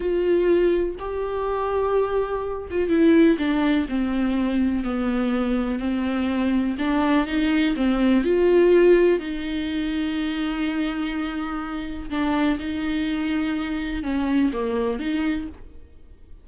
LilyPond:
\new Staff \with { instrumentName = "viola" } { \time 4/4 \tempo 4 = 124 f'2 g'2~ | g'4. f'8 e'4 d'4 | c'2 b2 | c'2 d'4 dis'4 |
c'4 f'2 dis'4~ | dis'1~ | dis'4 d'4 dis'2~ | dis'4 cis'4 ais4 dis'4 | }